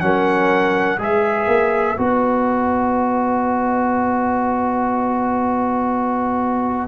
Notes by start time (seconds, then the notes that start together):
0.00 F#3 C#4 A#4 F#5
0.98 G#3 G#4 B4 E5
1.48 A#3
1.98 B3 F#4 D#5